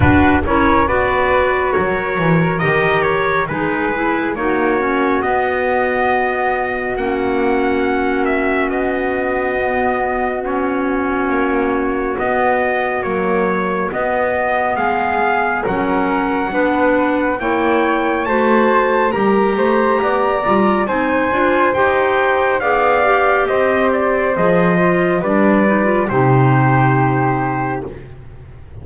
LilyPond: <<
  \new Staff \with { instrumentName = "trumpet" } { \time 4/4 \tempo 4 = 69 b'8 cis''8 d''4 cis''4 dis''8 cis''8 | b'4 cis''4 dis''2 | fis''4. e''8 dis''2 | cis''2 dis''4 cis''4 |
dis''4 f''4 fis''2 | g''4 a''4 ais''2 | gis''4 g''4 f''4 dis''8 d''8 | dis''4 d''4 c''2 | }
  \new Staff \with { instrumentName = "flute" } { \time 4/4 fis'8 ais'8 b'4 ais'2 | gis'4 fis'2.~ | fis'1~ | fis'1~ |
fis'4 gis'4 ais'4 b'4 | cis''4 c''4 ais'8 c''8 d''4 | c''2 d''4 c''4~ | c''4 b'4 g'2 | }
  \new Staff \with { instrumentName = "clarinet" } { \time 4/4 d'8 e'8 fis'2 g'4 | dis'8 e'8 dis'8 cis'8 b2 | cis'2. b4 | cis'2 b4 fis4 |
b2 cis'4 d'4 | e'4 fis'4 g'4. f'8 | dis'8 f'8 g'4 gis'8 g'4. | gis'8 f'8 d'8 dis'16 f'16 dis'2 | }
  \new Staff \with { instrumentName = "double bass" } { \time 4/4 d'8 cis'8 b4 fis8 e8 dis4 | gis4 ais4 b2 | ais2 b2~ | b4 ais4 b4 ais4 |
b4 gis4 fis4 b4 | ais4 a4 g8 a8 b8 g8 | c'8 d'8 dis'4 b4 c'4 | f4 g4 c2 | }
>>